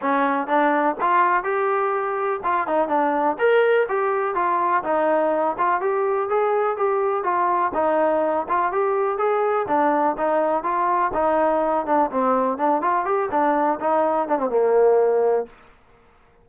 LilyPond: \new Staff \with { instrumentName = "trombone" } { \time 4/4 \tempo 4 = 124 cis'4 d'4 f'4 g'4~ | g'4 f'8 dis'8 d'4 ais'4 | g'4 f'4 dis'4. f'8 | g'4 gis'4 g'4 f'4 |
dis'4. f'8 g'4 gis'4 | d'4 dis'4 f'4 dis'4~ | dis'8 d'8 c'4 d'8 f'8 g'8 d'8~ | d'8 dis'4 d'16 c'16 ais2 | }